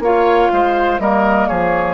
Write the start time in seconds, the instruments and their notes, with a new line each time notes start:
0.00 bassoon A#3, clarinet F4, oboe C#5, flute F5
0.52 bassoon G#3, oboe C5
0.99 bassoon G3, clarinet A#3, oboe A#4, flute D#5
1.48 bassoon F3, oboe G#4, flute C#5